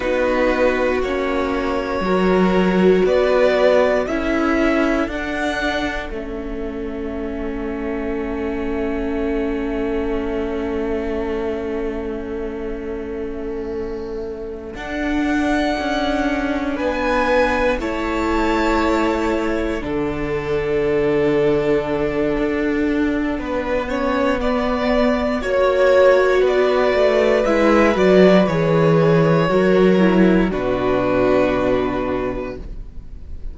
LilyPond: <<
  \new Staff \with { instrumentName = "violin" } { \time 4/4 \tempo 4 = 59 b'4 cis''2 d''4 | e''4 fis''4 e''2~ | e''1~ | e''2~ e''8 fis''4.~ |
fis''8 gis''4 a''2 fis''8~ | fis''1~ | fis''4 cis''4 d''4 e''8 d''8 | cis''2 b'2 | }
  \new Staff \with { instrumentName = "violin" } { \time 4/4 fis'2 ais'4 b'4 | a'1~ | a'1~ | a'1~ |
a'8 b'4 cis''2 a'8~ | a'2. b'8 cis''8 | d''4 cis''4 b'2~ | b'4 ais'4 fis'2 | }
  \new Staff \with { instrumentName = "viola" } { \time 4/4 dis'4 cis'4 fis'2 | e'4 d'4 cis'2~ | cis'1~ | cis'2~ cis'8 d'4.~ |
d'4. e'2 d'8~ | d'2.~ d'8 cis'8 | b4 fis'2 e'8 fis'8 | gis'4 fis'8 e'8 d'2 | }
  \new Staff \with { instrumentName = "cello" } { \time 4/4 b4 ais4 fis4 b4 | cis'4 d'4 a2~ | a1~ | a2~ a8 d'4 cis'8~ |
cis'8 b4 a2 d8~ | d2 d'4 b4~ | b4 ais4 b8 a8 gis8 fis8 | e4 fis4 b,2 | }
>>